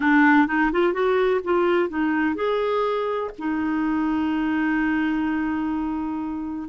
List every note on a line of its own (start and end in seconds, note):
0.00 0.47 D4
0.47 0.71 D#4
0.72 0.93 F4
0.93 1.40 F#4
1.44 1.89 F4
1.89 2.35 D#4
2.35 3.30 G#4
3.38 6.68 D#4